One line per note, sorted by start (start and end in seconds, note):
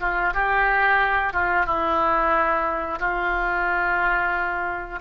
0.00 0.33 F4
0.34 1.33 G4
1.33 1.65 F4
1.65 2.99 E4
2.99 4.99 F4